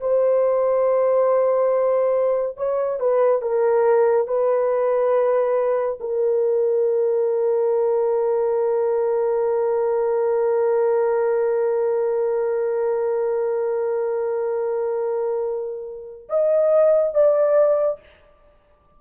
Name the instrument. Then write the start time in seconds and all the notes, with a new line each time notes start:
horn
0.00 C5
2.57 C#5
3.00 B4
3.42 A#4
4.27 B4
6.00 A#4
16.29 D#5
17.14 D5